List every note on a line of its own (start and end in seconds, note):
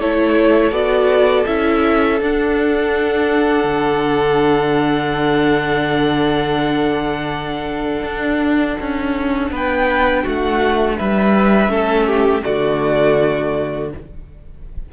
0.00 0.71 A3
0.00 0.72 E4
0.00 9.51 A4
0.00 0.74 C#5
0.71 1.45 B3
0.71 1.46 F#4
0.71 1.46 D5
1.46 2.21 C#4
1.46 2.20 E4
1.46 2.20 E5
2.21 3.64 D4
2.21 11.68 D4
2.21 9.54 F#5
3.64 8.03 D3
8.04 8.77 D4
8.80 9.51 C#4
9.51 10.24 B3
9.51 10.23 B4
9.51 10.28 G5
10.23 11.00 A3
10.23 10.96 F#4
10.23 10.98 F#5
10.98 11.68 G3
10.98 11.71 B4
10.98 12.43 E5
11.68 12.42 A3
11.68 12.41 C#4
11.68 12.07 A4
12.07 12.43 G4
12.43 13.93 D3
12.43 13.89 A3
12.43 13.91 F#4
12.43 13.90 D5